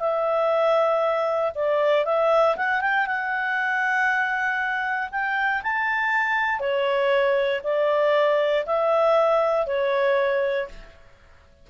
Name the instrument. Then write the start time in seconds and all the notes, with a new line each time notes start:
clarinet
0.00 E5
1.55 D5
2.05 E5
2.57 F#5
2.81 G5
3.06 F#5
5.11 G5
5.63 A5
6.60 C#5
7.64 D5
8.66 E5
9.67 C#5